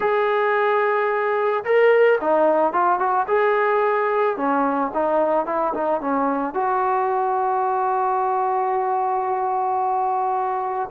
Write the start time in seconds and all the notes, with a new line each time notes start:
0.00 G#4
1.64 A#4
2.20 D#4
2.72 F4
2.99 F#4
3.27 G#4
4.36 C#4
4.93 D#4
5.45 E4
5.73 D#4
6.00 C#4
6.53 F#4